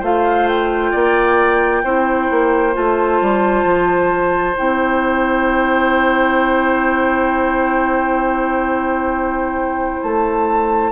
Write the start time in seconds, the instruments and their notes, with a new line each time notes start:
0.00 bassoon A3, clarinet F4, oboe C5, flute F5
0.48 flute G5
0.91 bassoon A#3, oboe D5
1.84 bassoon C4, clarinet E4, oboe C5
2.31 bassoon A#3
2.74 bassoon A3, clarinet F4, flute A5
3.22 bassoon G3
3.65 bassoon F3
4.57 bassoon C4, clarinet E4, flute G5
10.03 bassoon A3, flute A5